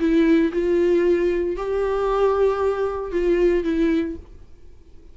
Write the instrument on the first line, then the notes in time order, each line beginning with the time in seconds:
viola
0.00 E4
0.53 F4
1.57 G4
3.12 F4
3.64 E4